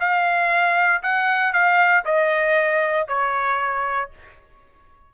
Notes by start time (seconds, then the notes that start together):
0.00 F5
1.03 F#5
1.53 F5
2.05 D#5
3.08 C#5